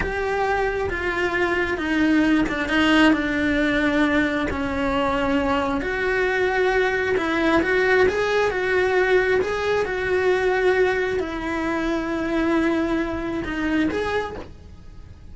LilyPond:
\new Staff \with { instrumentName = "cello" } { \time 4/4 \tempo 4 = 134 g'2 f'2 | dis'4. d'8 dis'4 d'4~ | d'2 cis'2~ | cis'4 fis'2. |
e'4 fis'4 gis'4 fis'4~ | fis'4 gis'4 fis'2~ | fis'4 e'2.~ | e'2 dis'4 gis'4 | }